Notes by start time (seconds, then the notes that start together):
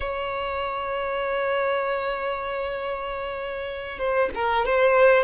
0.00 C#5
3.98 C5
4.34 A#4
4.65 C5